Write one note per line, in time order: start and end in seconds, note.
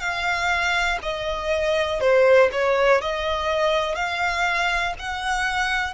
0.00 0.98 F5
1.02 2.00 D#5
2.00 2.49 C5
2.52 3.01 C#5
3.01 3.95 D#5
3.95 4.94 F5
4.99 5.94 F#5